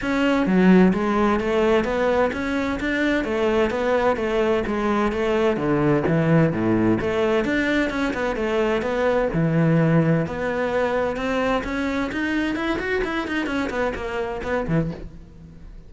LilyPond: \new Staff \with { instrumentName = "cello" } { \time 4/4 \tempo 4 = 129 cis'4 fis4 gis4 a4 | b4 cis'4 d'4 a4 | b4 a4 gis4 a4 | d4 e4 a,4 a4 |
d'4 cis'8 b8 a4 b4 | e2 b2 | c'4 cis'4 dis'4 e'8 fis'8 | e'8 dis'8 cis'8 b8 ais4 b8 e8 | }